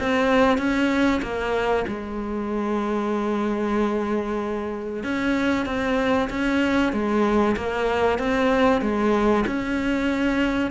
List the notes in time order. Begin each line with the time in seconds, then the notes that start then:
0.00 C4
0.58 C#4
1.23 A#3
1.88 G#3
5.04 C#4
5.66 C4
6.30 C#4
6.93 G#3
7.57 A#3
8.19 C4
8.82 G#3
9.47 C#4